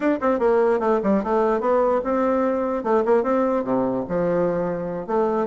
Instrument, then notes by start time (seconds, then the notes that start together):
bassoon
0.00 D4
0.20 C4
0.39 A#3
0.79 A3
1.03 G3
1.23 A3
1.60 B3
2.04 C4
2.83 A3
3.05 A#3
3.23 C4
3.64 C3
4.08 F3
5.06 A3